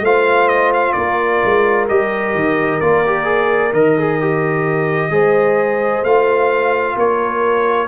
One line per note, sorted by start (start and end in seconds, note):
0.00 0.92 A3
0.00 1.88 F4
0.00 0.93 C5
0.00 0.48 F5
0.48 0.71 D#5
0.73 0.92 F5
0.92 1.42 A#3
0.92 5.09 A#4
0.92 1.84 D5
1.44 1.90 G#3
1.88 2.34 G3
1.88 2.81 G4
1.88 2.80 D#5
2.34 2.80 D#3
2.80 3.72 A#3
2.80 3.04 F4
2.80 3.72 D5
3.06 3.24 G4
3.24 3.70 G#4
3.72 5.10 D#3
3.72 3.97 A#4
3.72 6.04 D#5
3.97 4.21 G#4
4.21 5.10 G4
5.10 6.02 G#3
5.10 6.02 G#4
5.10 6.96 C5
6.02 6.95 A3
6.02 7.87 F4
6.02 6.96 F5
6.96 7.87 A#3
6.96 7.87 A#4
6.96 7.87 C#5